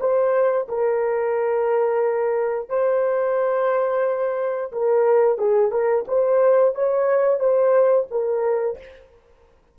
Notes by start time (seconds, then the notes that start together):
0.00 C5
0.69 A#4
2.69 C5
4.72 A#4
5.38 G#4
5.72 A#4
6.08 C5
6.75 C#5
7.40 C5
8.11 A#4